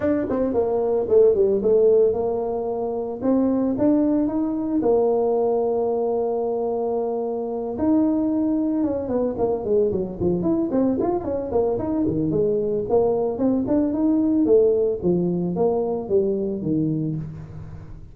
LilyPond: \new Staff \with { instrumentName = "tuba" } { \time 4/4 \tempo 4 = 112 d'8 c'8 ais4 a8 g8 a4 | ais2 c'4 d'4 | dis'4 ais2.~ | ais2~ ais8 dis'4.~ |
dis'8 cis'8 b8 ais8 gis8 fis8 f8 e'8 | c'8 f'8 cis'8 ais8 dis'8 dis8 gis4 | ais4 c'8 d'8 dis'4 a4 | f4 ais4 g4 dis4 | }